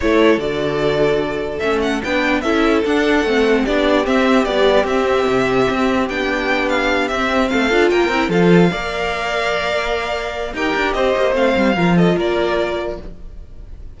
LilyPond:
<<
  \new Staff \with { instrumentName = "violin" } { \time 4/4 \tempo 4 = 148 cis''4 d''2. | e''8 fis''8 g''4 e''4 fis''4~ | fis''4 d''4 e''4 d''4 | e''2. g''4~ |
g''8 f''4 e''4 f''4 g''8~ | g''8 f''2.~ f''8~ | f''2 g''4 dis''4 | f''4. dis''8 d''2 | }
  \new Staff \with { instrumentName = "violin" } { \time 4/4 a'1~ | a'4 b'4 a'2~ | a'4 g'2.~ | g'1~ |
g'2~ g'8 a'4 ais'8~ | ais'8 a'4 d''2~ d''8~ | d''2 ais'4 c''4~ | c''4 ais'8 a'8 ais'2 | }
  \new Staff \with { instrumentName = "viola" } { \time 4/4 e'4 fis'2. | cis'4 d'4 e'4 d'4 | c'4 d'4 c'4 g4 | c'2. d'4~ |
d'4. c'4. f'4 | e'8 f'4 ais'2~ ais'8~ | ais'2 g'2 | c'4 f'2. | }
  \new Staff \with { instrumentName = "cello" } { \time 4/4 a4 d2. | a4 b4 cis'4 d'4 | a4 b4 c'4 b4 | c'4 c4 c'4 b4~ |
b4. c'4 a8 d'8 ais8 | c'8 f4 ais2~ ais8~ | ais2 dis'8 d'8 c'8 ais8 | a8 g8 f4 ais2 | }
>>